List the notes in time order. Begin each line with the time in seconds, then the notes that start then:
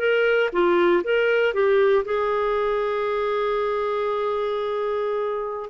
0.00 A#4
0.53 F4
1.04 A#4
1.54 G4
2.06 G#4